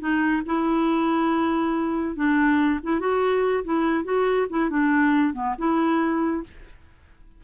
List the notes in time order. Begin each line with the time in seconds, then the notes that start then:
0.00 D#4
0.46 E4
2.16 D4
2.83 E4
3.00 F#4
3.64 E4
4.05 F#4
4.50 E4
4.70 D4
5.34 B3
5.59 E4